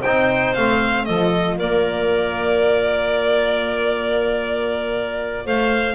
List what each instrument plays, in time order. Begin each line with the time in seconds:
0.00 double bass C4, trombone D#4, clarinet C5, violin G5
0.54 double bass A3, trombone C4, violin F5
1.05 double bass F3, trombone F4, clarinet A4, violin D#5
1.58 double bass A#3, clarinet A#4, violin D5
5.45 double bass A3, clarinet C5, violin F5